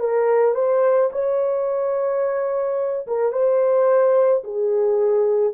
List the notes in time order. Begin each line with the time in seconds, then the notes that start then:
0.00 A#4
0.55 C5
1.13 C#5
3.08 A#4
3.32 C5
4.44 G#4